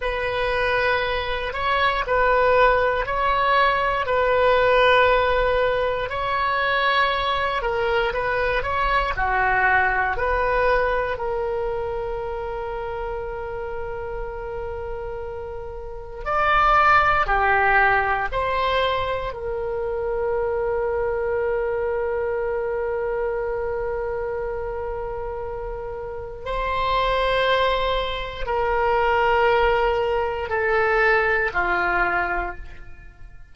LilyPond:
\new Staff \with { instrumentName = "oboe" } { \time 4/4 \tempo 4 = 59 b'4. cis''8 b'4 cis''4 | b'2 cis''4. ais'8 | b'8 cis''8 fis'4 b'4 ais'4~ | ais'1 |
d''4 g'4 c''4 ais'4~ | ais'1~ | ais'2 c''2 | ais'2 a'4 f'4 | }